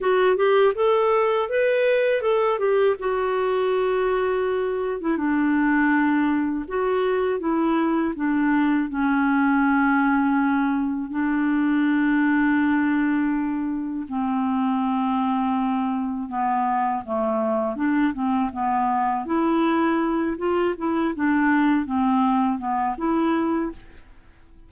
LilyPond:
\new Staff \with { instrumentName = "clarinet" } { \time 4/4 \tempo 4 = 81 fis'8 g'8 a'4 b'4 a'8 g'8 | fis'2~ fis'8. e'16 d'4~ | d'4 fis'4 e'4 d'4 | cis'2. d'4~ |
d'2. c'4~ | c'2 b4 a4 | d'8 c'8 b4 e'4. f'8 | e'8 d'4 c'4 b8 e'4 | }